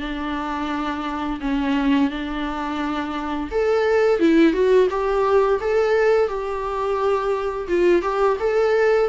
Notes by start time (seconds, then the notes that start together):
0.00 D4
1.40 C#4
2.11 D4
3.51 A4
4.20 E4
4.53 F#4
4.90 G4
5.60 A4
6.28 G4
7.68 F4
8.02 G4
8.39 A4